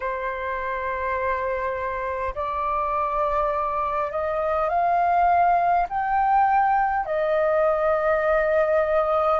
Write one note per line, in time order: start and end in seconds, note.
0.00 2.34 C5
2.34 4.11 D5
4.11 4.68 D#5
4.68 5.86 F5
5.89 7.05 G5
7.05 9.40 D#5